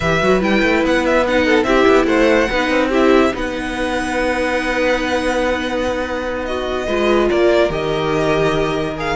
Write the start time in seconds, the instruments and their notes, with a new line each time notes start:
0.00 cello E3, viola G4, violin B4 E5
0.21 cello F#3, viola F#4
0.40 cello G3, viola E4, violin G5
0.63 cello A3
0.83 cello B3, violin F#5
1.05 violin E5
1.27 viola D#4, violin F#5
1.45 violin A4
1.63 cello C4, viola E4, violin G4 E5
1.87 cello B3
2.06 cello A3, violin C5 F#5
2.49 cello B3, viola D#4, violin B4
2.70 cello C4
2.89 viola E4, violin G4 E5
3.32 cello B3, viola D#4, violin B4 F#5
6.45 violin F#4 D#5
6.86 cello G#3, viola F4, violin B4
7.29 cello A#3, violin A#4 D5
7.69 cello D#3, viola G4, violin D#5
8.97 viola G#4, violin F5